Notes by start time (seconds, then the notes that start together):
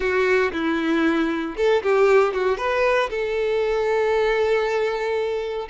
0.00 F#4
0.52 E4
1.56 A4
1.82 G4
2.33 F#4
2.57 B4
3.09 A4